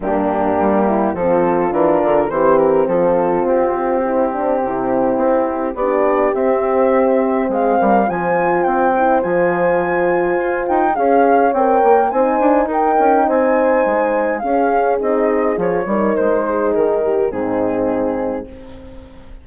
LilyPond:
<<
  \new Staff \with { instrumentName = "flute" } { \time 4/4 \tempo 4 = 104 g'2 a'4 ais'4 | c''8 ais'8 a'4 g'2~ | g'2 d''4 e''4~ | e''4 f''4 gis''4 g''4 |
gis''2~ gis''8 g''8 f''4 | g''4 gis''4 g''4 gis''4~ | gis''4 f''4 dis''4 cis''4 | c''4 ais'4 gis'2 | }
  \new Staff \with { instrumentName = "horn" } { \time 4/4 d'4. e'8 f'2 | g'4 f'2 e'8 d'8 | e'2 g'2~ | g'4 gis'8 ais'8 c''2~ |
c''2. cis''4~ | cis''4 c''4 ais'4 c''4~ | c''4 gis'2~ gis'8 ais'8~ | ais'8 gis'4 g'8 dis'2 | }
  \new Staff \with { instrumentName = "horn" } { \time 4/4 ais2 c'4 d'4 | c'1~ | c'2 d'4 c'4~ | c'2 f'4. e'8 |
f'2. gis'4 | ais'4 dis'2.~ | dis'4 cis'4 dis'4 f'8 dis'8~ | dis'2 c'2 | }
  \new Staff \with { instrumentName = "bassoon" } { \time 4/4 g,4 g4 f4 e8 d8 | e4 f4 c'2 | c4 c'4 b4 c'4~ | c'4 gis8 g8 f4 c'4 |
f2 f'8 dis'8 cis'4 | c'8 ais8 c'8 d'8 dis'8 cis'8 c'4 | gis4 cis'4 c'4 f8 g8 | gis4 dis4 gis,2 | }
>>